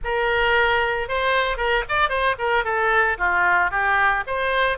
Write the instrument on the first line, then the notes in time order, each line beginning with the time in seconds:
oboe
0.04 A#4
1.08 C5
1.57 A#4
1.88 D5
2.09 C5
2.38 A#4
2.64 A4
3.18 F4
3.70 G4
4.26 C5